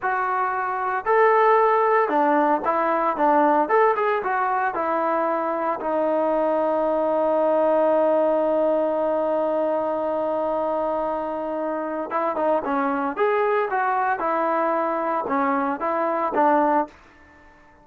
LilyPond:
\new Staff \with { instrumentName = "trombone" } { \time 4/4 \tempo 4 = 114 fis'2 a'2 | d'4 e'4 d'4 a'8 gis'8 | fis'4 e'2 dis'4~ | dis'1~ |
dis'1~ | dis'2. e'8 dis'8 | cis'4 gis'4 fis'4 e'4~ | e'4 cis'4 e'4 d'4 | }